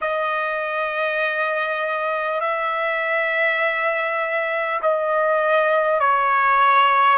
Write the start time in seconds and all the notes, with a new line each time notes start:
0.01 D#5
2.40 E5
4.82 D#5
6.00 C#5